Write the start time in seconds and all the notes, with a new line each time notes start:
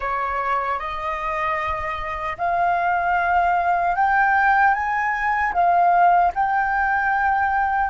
0.00 C#5
0.79 D#5
2.38 F5
3.95 G5
4.74 G#5
5.53 F5
6.34 G5